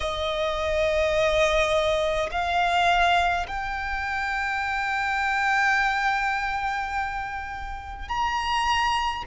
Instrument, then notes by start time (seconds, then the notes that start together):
violin
0.00 D#5
2.31 F5
3.47 G5
8.08 A#5